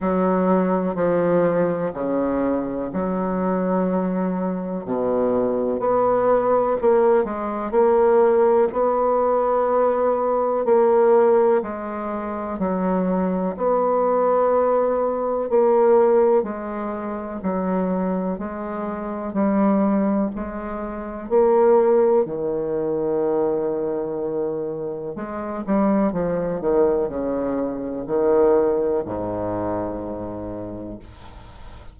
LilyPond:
\new Staff \with { instrumentName = "bassoon" } { \time 4/4 \tempo 4 = 62 fis4 f4 cis4 fis4~ | fis4 b,4 b4 ais8 gis8 | ais4 b2 ais4 | gis4 fis4 b2 |
ais4 gis4 fis4 gis4 | g4 gis4 ais4 dis4~ | dis2 gis8 g8 f8 dis8 | cis4 dis4 gis,2 | }